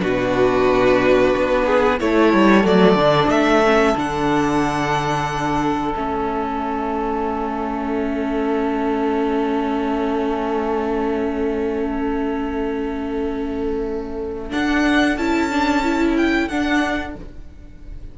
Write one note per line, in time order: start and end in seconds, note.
0.00 1.34 B2
0.00 1.98 D4
0.00 1.66 F#4
0.00 1.98 B4
1.37 2.01 B3
1.66 1.99 G#4
2.00 2.34 A3
2.00 2.64 E4
2.00 17.18 A4
2.00 2.66 C#5
2.34 2.64 G3
2.64 2.95 F#3
2.64 2.97 A3
2.64 3.31 D5
2.95 3.28 D3
2.95 3.63 D4
3.28 3.94 A3
3.28 3.97 E5
3.65 3.96 C#4
3.96 5.95 D3
3.96 5.94 D4
3.96 5.95 F#5
5.95 14.53 A3
5.95 14.50 C#4
5.95 14.52 E5
14.50 15.16 D4
14.50 15.17 D4
14.50 15.17 F#5
15.17 16.49 C#4
15.17 15.51 E4
15.17 16.16 A5
15.51 15.84 D4
15.84 16.49 E4
16.17 16.49 G5
16.49 17.15 D4
16.49 17.17 D4
16.49 17.15 F#5